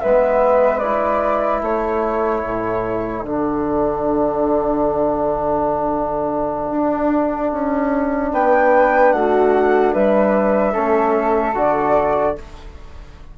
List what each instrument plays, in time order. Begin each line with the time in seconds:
0.00 bassoon G#3, trombone B3, flute B4 E5
0.79 trombone E4, flute D5
1.62 bassoon A3, flute A4 C#5
2.43 bassoon A2
3.23 bassoon D3, trombone D4, flute F#5
6.71 bassoon D4
7.52 bassoon C#4
8.32 bassoon B3, flute B4 G5
9.12 bassoon A3, flute F#4 F#5
9.93 bassoon G3, flute B4 E5
10.72 bassoon A3, trombone C#4, flute A4
11.54 bassoon D3, trombone F#4, flute D5